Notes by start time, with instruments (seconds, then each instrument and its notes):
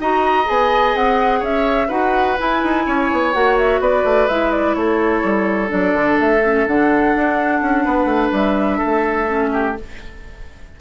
0.00 bassoon D#4, clarinet F#4, oboe D#5, flute A#5
0.45 bassoon B3, clarinet G#4, flute G#5
0.95 bassoon C4, flute F#5
1.40 bassoon C#4, oboe C#5, flute E5
1.88 bassoon D#4, clarinet F#4, oboe B4, flute F#5
2.38 clarinet E4, bassoon E4, flute G#5
2.63 bassoon D#4
2.87 bassoon C#4, oboe C#5
3.12 bassoon B3
3.33 bassoon A#3, clarinet F#4, flute F#5
3.58 flute E5
3.80 bassoon B3, oboe B4, flute D5
4.04 bassoon A3
4.28 bassoon G#3, clarinet E4, flute E5
4.52 flute D5
4.75 bassoon A3, oboe A4, flute C#5
5.24 bassoon G3
5.68 bassoon F#3, clarinet D4, flute D5
5.94 bassoon D3
6.20 bassoon A3, flute E5
6.44 clarinet C#4
6.67 bassoon D3, clarinet D4, flute F#5
7.16 bassoon D4
7.62 bassoon C#4
7.85 bassoon B3, oboe B4
8.05 bassoon A3
8.33 bassoon G3, flute E5
8.78 oboe A4
8.85 bassoon A3
9.27 clarinet C#4
9.53 oboe G4